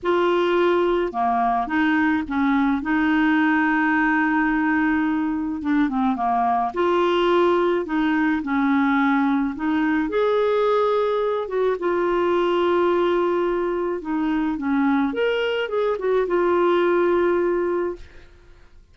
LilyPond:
\new Staff \with { instrumentName = "clarinet" } { \time 4/4 \tempo 4 = 107 f'2 ais4 dis'4 | cis'4 dis'2.~ | dis'2 d'8 c'8 ais4 | f'2 dis'4 cis'4~ |
cis'4 dis'4 gis'2~ | gis'8 fis'8 f'2.~ | f'4 dis'4 cis'4 ais'4 | gis'8 fis'8 f'2. | }